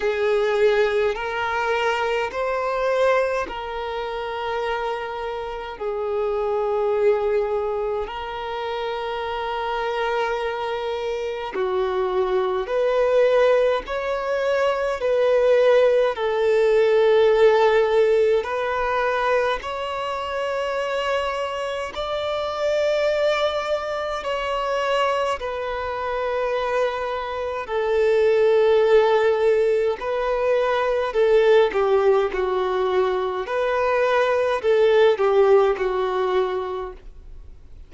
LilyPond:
\new Staff \with { instrumentName = "violin" } { \time 4/4 \tempo 4 = 52 gis'4 ais'4 c''4 ais'4~ | ais'4 gis'2 ais'4~ | ais'2 fis'4 b'4 | cis''4 b'4 a'2 |
b'4 cis''2 d''4~ | d''4 cis''4 b'2 | a'2 b'4 a'8 g'8 | fis'4 b'4 a'8 g'8 fis'4 | }